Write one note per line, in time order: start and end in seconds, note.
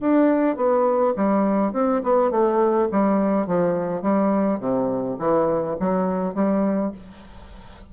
0.00 0.56 D4
0.56 1.14 B3
1.16 1.73 G3
1.73 2.02 C4
2.03 2.31 B3
2.31 2.88 A3
2.91 3.46 G3
3.46 4.01 F3
4.01 4.59 G3
4.59 5.17 C3
5.19 5.76 E3
5.79 6.34 F#3
6.34 6.92 G3